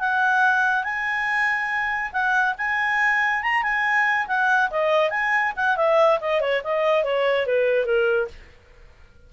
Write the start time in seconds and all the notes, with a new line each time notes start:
0.00 F#5
0.84 G#5
2.13 F#5
2.58 G#5
3.43 A#5
3.63 G#5
4.28 F#5
4.71 D#5
5.10 G#5
5.57 F#5
5.77 E5
6.21 D#5
6.41 C#5
6.64 D#5
7.04 C#5
7.46 B4
7.86 A#4